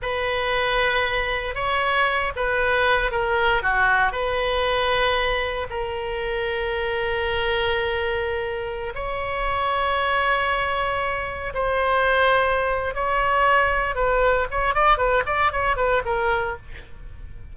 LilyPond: \new Staff \with { instrumentName = "oboe" } { \time 4/4 \tempo 4 = 116 b'2. cis''4~ | cis''8 b'4. ais'4 fis'4 | b'2. ais'4~ | ais'1~ |
ais'4~ ais'16 cis''2~ cis''8.~ | cis''2~ cis''16 c''4.~ c''16~ | c''4 cis''2 b'4 | cis''8 d''8 b'8 d''8 cis''8 b'8 ais'4 | }